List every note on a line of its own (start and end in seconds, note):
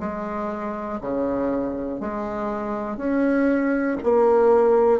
0.00 1.00 G#3
1.01 2.00 C#3
2.00 2.97 G#3
2.97 3.97 C#4
4.04 5.00 A#3